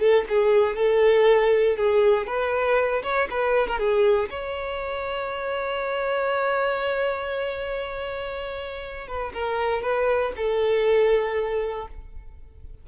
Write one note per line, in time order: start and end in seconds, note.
0.00 0.25 A4
0.29 0.77 G#4
0.77 1.77 A4
1.77 2.27 G#4
2.27 3.03 B4
3.03 3.29 C#5
3.31 3.68 B4
3.68 3.79 A#4
3.79 4.30 G#4
4.30 9.08 C#5
9.08 9.33 B4
9.34 9.83 A#4
9.83 10.33 B4
10.37 11.88 A4